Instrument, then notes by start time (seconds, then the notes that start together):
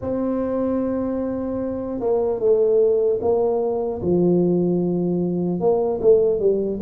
tuba
0.01 C4
2.00 A#3
2.39 A3
3.21 A#3
4.01 F3
5.60 A#3
6.01 A3
6.39 G3